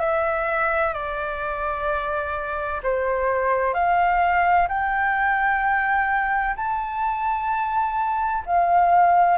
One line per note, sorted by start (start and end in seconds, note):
0.00 0.93 E5
0.93 2.81 D5
2.83 3.74 C5
3.74 4.67 F5
4.68 6.55 G5
6.56 8.43 A5
8.45 9.37 F5